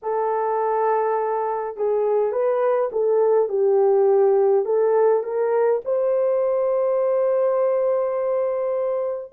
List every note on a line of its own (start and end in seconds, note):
0.02 1.77 A4
1.77 2.31 G#4
2.31 2.90 B4
2.92 3.48 A4
3.48 4.65 G4
4.65 5.23 A4
5.23 5.81 A#4
5.84 9.32 C5